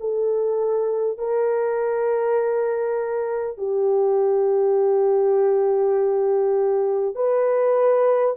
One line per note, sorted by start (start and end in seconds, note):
0.00 1.18 A4
1.18 3.58 A#4
3.58 7.16 G4
7.16 8.36 B4